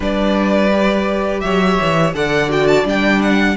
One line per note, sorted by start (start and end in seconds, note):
0.00 1.42 G3
0.00 0.70 D4
0.00 1.42 B4
0.00 1.40 D5
0.72 2.14 G4
1.40 1.79 F#3
1.40 2.15 C#5
1.40 2.12 E5
1.81 2.14 E3
2.14 2.84 D3
2.14 2.49 A4
2.14 3.56 D5
2.14 2.51 F#5
2.49 2.84 F#4
2.49 2.67 G5
2.67 2.85 A5
2.84 3.55 G3
2.84 3.56 D4
2.84 3.22 G5
3.22 3.56 F#5